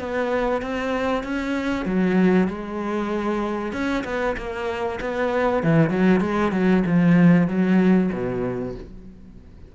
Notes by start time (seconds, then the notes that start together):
0.00 B3
0.62 C4
1.24 C#4
1.86 F#3
2.48 G#3
3.73 C#4
4.05 B3
4.38 A#3
5.01 B3
5.64 E3
5.90 F#3
6.21 G#3
6.52 F#3
6.87 F3
7.48 F#3
8.13 B2